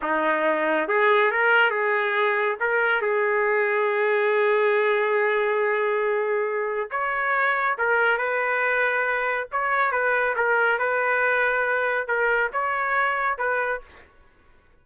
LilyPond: \new Staff \with { instrumentName = "trumpet" } { \time 4/4 \tempo 4 = 139 dis'2 gis'4 ais'4 | gis'2 ais'4 gis'4~ | gis'1~ | gis'1 |
cis''2 ais'4 b'4~ | b'2 cis''4 b'4 | ais'4 b'2. | ais'4 cis''2 b'4 | }